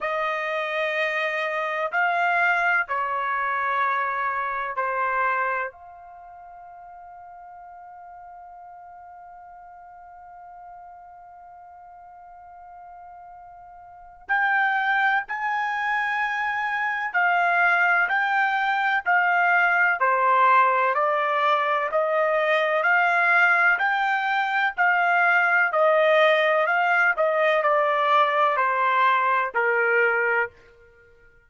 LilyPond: \new Staff \with { instrumentName = "trumpet" } { \time 4/4 \tempo 4 = 63 dis''2 f''4 cis''4~ | cis''4 c''4 f''2~ | f''1~ | f''2. g''4 |
gis''2 f''4 g''4 | f''4 c''4 d''4 dis''4 | f''4 g''4 f''4 dis''4 | f''8 dis''8 d''4 c''4 ais'4 | }